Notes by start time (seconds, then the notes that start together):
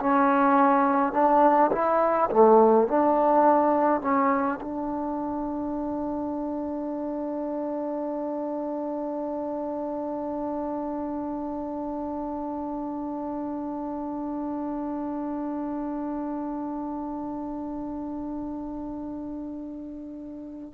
0.00 C#4
1.13 D4
1.72 E4
2.30 A3
2.87 D4
4.01 C#4
4.61 D4